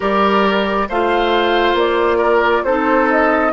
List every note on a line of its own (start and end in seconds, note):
0.00 0.89 G3
0.00 0.87 G4
0.00 0.88 A#4
0.00 0.89 D5
0.88 1.74 A3
0.88 2.67 F4
0.88 2.17 C5
0.88 1.77 F5
1.74 2.62 A#3
1.74 2.63 D5
2.17 2.62 A#4
2.63 3.52 C4
2.63 3.52 D#4
2.63 3.52 A4
2.63 3.08 C5
3.10 3.52 D#5